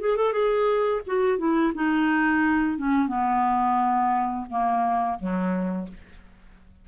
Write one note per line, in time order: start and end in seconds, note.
0.00 0.16 G#4
0.16 0.32 A4
0.32 1.01 G#4
1.06 1.38 F#4
1.38 1.72 E4
1.74 2.77 D#4
2.77 3.07 C#4
3.07 4.45 B3
4.49 5.18 A#3
5.19 5.88 F#3